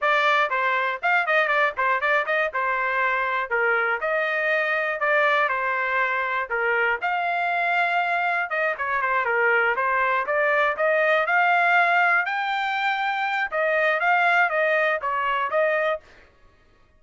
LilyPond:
\new Staff \with { instrumentName = "trumpet" } { \time 4/4 \tempo 4 = 120 d''4 c''4 f''8 dis''8 d''8 c''8 | d''8 dis''8 c''2 ais'4 | dis''2 d''4 c''4~ | c''4 ais'4 f''2~ |
f''4 dis''8 cis''8 c''8 ais'4 c''8~ | c''8 d''4 dis''4 f''4.~ | f''8 g''2~ g''8 dis''4 | f''4 dis''4 cis''4 dis''4 | }